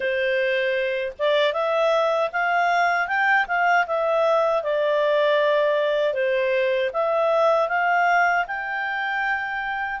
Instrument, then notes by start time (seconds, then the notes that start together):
clarinet
0.00 C5
1.18 D5
1.53 E5
2.32 F5
3.07 G5
3.47 F5
3.86 E5
4.63 D5
6.13 C5
6.93 E5
7.68 F5
8.47 G5